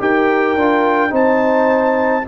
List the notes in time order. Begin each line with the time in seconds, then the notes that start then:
0.00 D#4 G4 A#4 G5
0.56 D4 F4
1.10 C4 D#4 C5 A5